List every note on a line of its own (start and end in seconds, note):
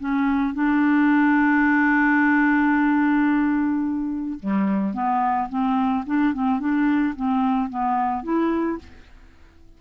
0.00 0.54 C#4
0.54 4.40 D4
4.40 4.94 G3
4.94 5.49 B3
5.50 6.05 C4
6.07 6.34 D4
6.34 6.60 C4
6.60 7.15 D4
7.16 7.70 C4
7.70 8.24 B3
8.24 8.79 E4